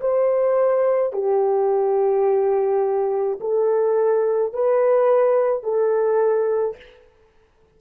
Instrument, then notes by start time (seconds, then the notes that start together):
horn
0.00 C5
1.13 G4
3.40 A4
4.53 B4
5.62 A4